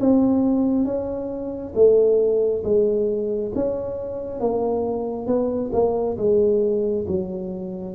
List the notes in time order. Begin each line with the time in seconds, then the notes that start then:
0.00 C4
0.85 C#4
1.75 A3
2.64 G#3
3.55 C#4
4.40 A#3
5.26 B3
5.73 A#3
6.17 G#3
7.07 F#3